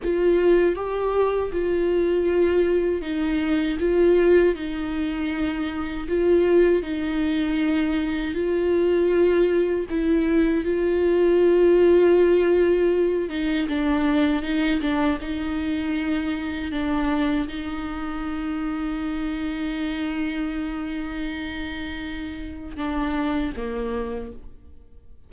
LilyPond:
\new Staff \with { instrumentName = "viola" } { \time 4/4 \tempo 4 = 79 f'4 g'4 f'2 | dis'4 f'4 dis'2 | f'4 dis'2 f'4~ | f'4 e'4 f'2~ |
f'4. dis'8 d'4 dis'8 d'8 | dis'2 d'4 dis'4~ | dis'1~ | dis'2 d'4 ais4 | }